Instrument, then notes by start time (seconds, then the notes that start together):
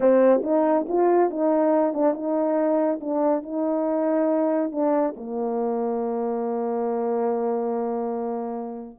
horn
0.00 C4
0.43 D#4
0.88 F4
1.30 D#4
1.93 D4
2.14 D#4
3.00 D4
3.43 D#4
4.71 D4
5.16 A#3